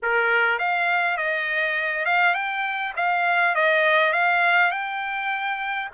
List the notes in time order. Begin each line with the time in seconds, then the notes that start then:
0.02 A#4
0.58 F5
1.17 D#5
2.05 F5
2.34 G5
2.96 F5
3.55 D#5
4.13 F5
4.71 G5